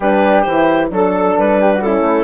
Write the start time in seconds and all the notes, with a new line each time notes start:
0.00 G3 D4 G4 B4
0.41 E3 C5
0.48 E4
0.90 F#3 D4 A4
1.38 G3 B4
1.61 G4
1.73 F#4
1.81 C#4 E4 A4
2.00 A3